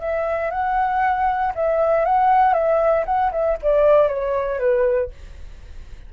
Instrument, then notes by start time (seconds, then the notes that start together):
flute
0.00 E5
0.51 F#5
1.55 E5
2.05 F#5
2.53 E5
3.06 F#5
3.32 E5
3.62 D5
4.08 C#5
4.59 B4